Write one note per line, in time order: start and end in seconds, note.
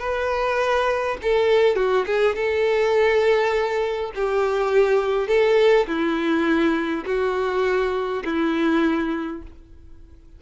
0.00 1.18 B4
1.23 1.76 A4
1.76 2.06 F#4
2.07 2.36 G#4
2.36 4.13 A4
4.16 5.28 G4
5.28 5.87 A4
5.87 7.05 E4
7.06 8.24 F#4
8.25 9.43 E4